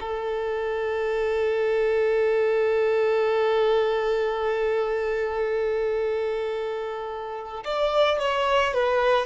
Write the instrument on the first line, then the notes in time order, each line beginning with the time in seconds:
violin
0.00 A4
7.64 D5
8.19 C#5
8.74 B4